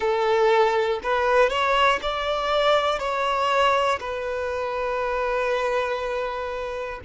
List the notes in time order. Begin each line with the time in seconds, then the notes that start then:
0.00 A4
1.03 B4
1.49 C#5
2.01 D5
2.99 C#5
4.00 B4